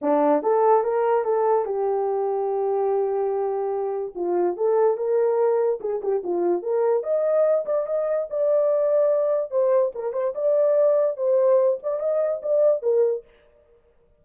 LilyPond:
\new Staff \with { instrumentName = "horn" } { \time 4/4 \tempo 4 = 145 d'4 a'4 ais'4 a'4 | g'1~ | g'2 f'4 a'4 | ais'2 gis'8 g'8 f'4 |
ais'4 dis''4. d''8 dis''4 | d''2. c''4 | ais'8 c''8 d''2 c''4~ | c''8 d''8 dis''4 d''4 ais'4 | }